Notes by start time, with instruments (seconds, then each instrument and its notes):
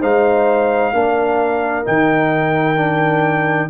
0.00 tuba G#3, trombone D#4, horn C5, trumpet F5
0.93 tuba A#3, trombone D4, horn A#4
1.85 tuba D#3, trombone D#4, trumpet G5
2.76 trombone D4